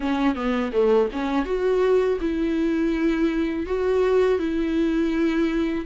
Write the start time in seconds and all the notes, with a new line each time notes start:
0.00 C#4
0.35 B3
0.72 A3
1.12 C#4
1.45 F#4
2.21 E4
3.66 F#4
4.39 E4